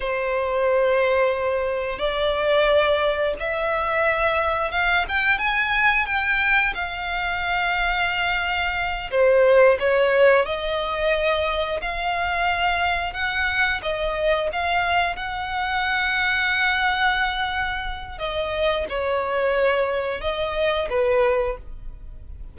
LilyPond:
\new Staff \with { instrumentName = "violin" } { \time 4/4 \tempo 4 = 89 c''2. d''4~ | d''4 e''2 f''8 g''8 | gis''4 g''4 f''2~ | f''4. c''4 cis''4 dis''8~ |
dis''4. f''2 fis''8~ | fis''8 dis''4 f''4 fis''4.~ | fis''2. dis''4 | cis''2 dis''4 b'4 | }